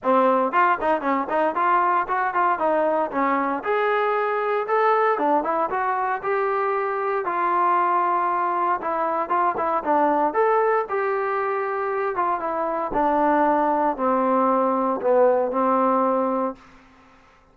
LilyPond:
\new Staff \with { instrumentName = "trombone" } { \time 4/4 \tempo 4 = 116 c'4 f'8 dis'8 cis'8 dis'8 f'4 | fis'8 f'8 dis'4 cis'4 gis'4~ | gis'4 a'4 d'8 e'8 fis'4 | g'2 f'2~ |
f'4 e'4 f'8 e'8 d'4 | a'4 g'2~ g'8 f'8 | e'4 d'2 c'4~ | c'4 b4 c'2 | }